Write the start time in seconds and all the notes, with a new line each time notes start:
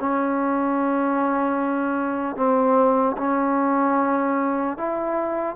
0.00 C#4
2.36 C4
3.18 C#4
4.78 E4